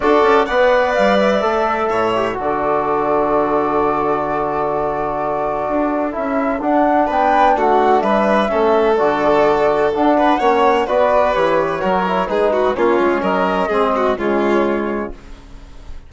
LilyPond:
<<
  \new Staff \with { instrumentName = "flute" } { \time 4/4 \tempo 4 = 127 d''4 fis''4 f''8 e''4.~ | e''4 d''2.~ | d''1~ | d''4 e''4 fis''4 g''4 |
fis''4 e''2 d''4~ | d''4 fis''2 d''4 | cis''2 b'4 cis''4 | dis''2 cis''2 | }
  \new Staff \with { instrumentName = "violin" } { \time 4/4 a'4 d''2. | cis''4 a'2.~ | a'1~ | a'2. b'4 |
fis'4 b'4 a'2~ | a'4. b'8 cis''4 b'4~ | b'4 ais'4 gis'8 fis'8 f'4 | ais'4 gis'8 fis'8 f'2 | }
  \new Staff \with { instrumentName = "trombone" } { \time 4/4 fis'4 b'2 a'4~ | a'8 g'8 fis'2.~ | fis'1~ | fis'4 e'4 d'2~ |
d'2 cis'4 fis'4~ | fis'4 d'4 cis'4 fis'4 | g'4 fis'8 e'8 dis'4 cis'4~ | cis'4 c'4 gis2 | }
  \new Staff \with { instrumentName = "bassoon" } { \time 4/4 d'8 cis'8 b4 g4 a4 | a,4 d2.~ | d1 | d'4 cis'4 d'4 b4 |
a4 g4 a4 d4~ | d4 d'4 ais4 b4 | e4 fis4 gis4 ais8 gis8 | fis4 gis4 cis2 | }
>>